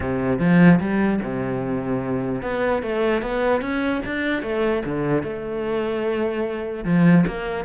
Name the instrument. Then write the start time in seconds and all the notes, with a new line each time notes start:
cello
0.00 C3
0.39 F3
0.80 G3
1.23 C3
2.42 B3
2.82 A3
3.22 B3
3.61 C#4
4.05 D4
4.42 A3
4.85 D3
5.23 A3
6.84 F3
7.26 A#3